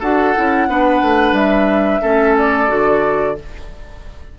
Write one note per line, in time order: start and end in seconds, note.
0.00 0.35 D4
0.00 0.36 F#4
0.00 0.67 A4
0.00 1.36 F#5
0.36 0.68 C#4
0.36 0.70 E4
0.68 1.02 B3
0.68 2.02 D4
0.68 2.02 B4
1.02 1.32 A3
1.32 2.00 G3
1.32 2.37 E5
2.02 2.70 A3
2.02 2.68 C#4
2.02 3.37 A4
2.38 3.39 D5
2.68 3.38 D3
2.68 3.36 F#4